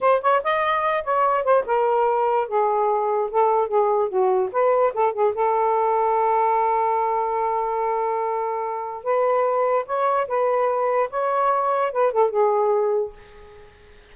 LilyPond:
\new Staff \with { instrumentName = "saxophone" } { \time 4/4 \tempo 4 = 146 c''8 cis''8 dis''4. cis''4 c''8 | ais'2 gis'2 | a'4 gis'4 fis'4 b'4 | a'8 gis'8 a'2.~ |
a'1~ | a'2 b'2 | cis''4 b'2 cis''4~ | cis''4 b'8 a'8 gis'2 | }